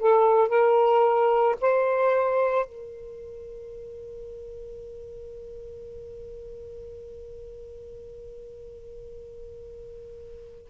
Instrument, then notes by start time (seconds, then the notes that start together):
saxophone
0.00 A4
0.49 A#4
1.62 C5
2.66 A#4